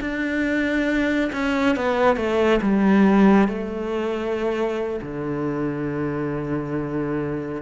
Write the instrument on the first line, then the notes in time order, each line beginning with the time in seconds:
cello
0.00 D4
1.32 C#4
1.76 B3
2.16 A3
2.62 G3
3.48 A3
5.02 D3